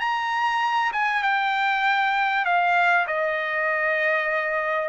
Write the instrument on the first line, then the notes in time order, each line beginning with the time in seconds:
trumpet
0.00 A#5
0.93 G#5
1.23 G5
2.45 F5
3.07 D#5